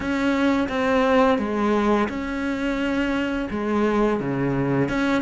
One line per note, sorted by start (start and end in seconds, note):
0.00 0.68 C#4
0.68 1.38 C4
1.38 2.08 G#3
2.08 3.48 C#4
3.50 4.20 G#3
4.20 4.88 C#3
4.88 5.22 C#4